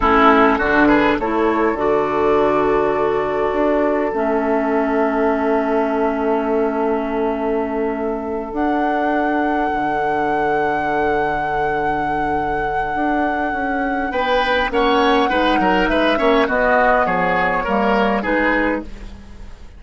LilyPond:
<<
  \new Staff \with { instrumentName = "flute" } { \time 4/4 \tempo 4 = 102 a'4. b'8 cis''4 d''4~ | d''2. e''4~ | e''1~ | e''2~ e''8 fis''4.~ |
fis''1~ | fis''1 | g''4 fis''2 e''4 | dis''4 cis''2 b'4 | }
  \new Staff \with { instrumentName = "oboe" } { \time 4/4 e'4 fis'8 gis'8 a'2~ | a'1~ | a'1~ | a'1~ |
a'1~ | a'1 | b'4 cis''4 b'8 ais'8 b'8 cis''8 | fis'4 gis'4 ais'4 gis'4 | }
  \new Staff \with { instrumentName = "clarinet" } { \time 4/4 cis'4 d'4 e'4 fis'4~ | fis'2. cis'4~ | cis'1~ | cis'2~ cis'8 d'4.~ |
d'1~ | d'1~ | d'4 cis'4 dis'4. cis'8 | b2 ais4 dis'4 | }
  \new Staff \with { instrumentName = "bassoon" } { \time 4/4 a4 d4 a4 d4~ | d2 d'4 a4~ | a1~ | a2~ a8 d'4.~ |
d'8 d2.~ d8~ | d2 d'4 cis'4 | b4 ais4 gis8 fis8 gis8 ais8 | b4 f4 g4 gis4 | }
>>